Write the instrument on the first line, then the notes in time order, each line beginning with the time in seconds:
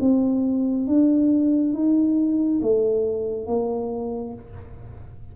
tuba
0.00 C4
0.87 D4
1.73 D#4
2.62 A3
3.47 A#3